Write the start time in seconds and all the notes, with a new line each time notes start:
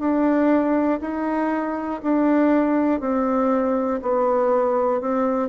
0.00 D4
1.01 D#4
2.03 D4
3.00 C4
4.02 B3
5.01 C4